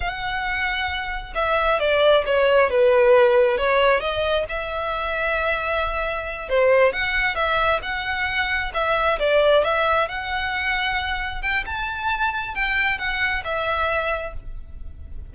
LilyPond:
\new Staff \with { instrumentName = "violin" } { \time 4/4 \tempo 4 = 134 fis''2. e''4 | d''4 cis''4 b'2 | cis''4 dis''4 e''2~ | e''2~ e''8 c''4 fis''8~ |
fis''8 e''4 fis''2 e''8~ | e''8 d''4 e''4 fis''4.~ | fis''4. g''8 a''2 | g''4 fis''4 e''2 | }